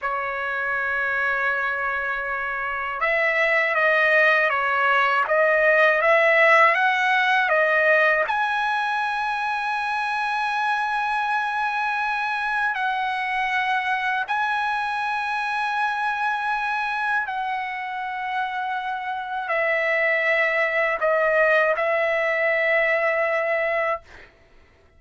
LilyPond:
\new Staff \with { instrumentName = "trumpet" } { \time 4/4 \tempo 4 = 80 cis''1 | e''4 dis''4 cis''4 dis''4 | e''4 fis''4 dis''4 gis''4~ | gis''1~ |
gis''4 fis''2 gis''4~ | gis''2. fis''4~ | fis''2 e''2 | dis''4 e''2. | }